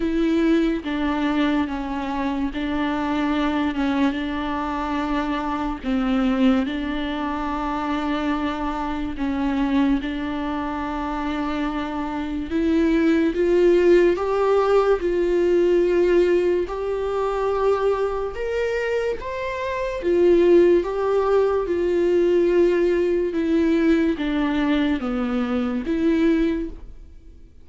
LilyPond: \new Staff \with { instrumentName = "viola" } { \time 4/4 \tempo 4 = 72 e'4 d'4 cis'4 d'4~ | d'8 cis'8 d'2 c'4 | d'2. cis'4 | d'2. e'4 |
f'4 g'4 f'2 | g'2 ais'4 c''4 | f'4 g'4 f'2 | e'4 d'4 b4 e'4 | }